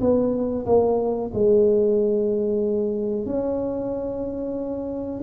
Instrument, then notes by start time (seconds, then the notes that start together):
tuba
0.00 B3
0.66 A#3
1.34 G#3
3.26 C#4